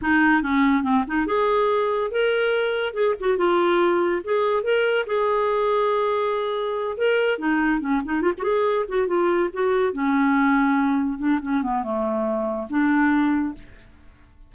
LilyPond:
\new Staff \with { instrumentName = "clarinet" } { \time 4/4 \tempo 4 = 142 dis'4 cis'4 c'8 dis'8 gis'4~ | gis'4 ais'2 gis'8 fis'8 | f'2 gis'4 ais'4 | gis'1~ |
gis'8 ais'4 dis'4 cis'8 dis'8 f'16 fis'16 | gis'4 fis'8 f'4 fis'4 cis'8~ | cis'2~ cis'8 d'8 cis'8 b8 | a2 d'2 | }